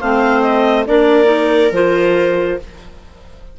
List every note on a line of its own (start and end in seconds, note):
0.00 0.87 A3
0.00 0.86 C4
0.00 0.86 C5
0.00 0.41 F5
0.41 0.84 D#5
0.86 1.71 A#3
0.86 1.25 D4
0.86 2.59 A#4
0.86 1.73 D5
1.25 1.67 D#4
1.71 2.57 F3
1.71 2.59 F4
1.71 2.59 C5